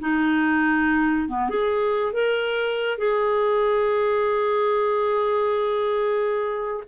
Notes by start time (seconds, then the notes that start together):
0.00 D#4
1.28 B3
1.49 G#4
2.12 A#4
2.98 G#4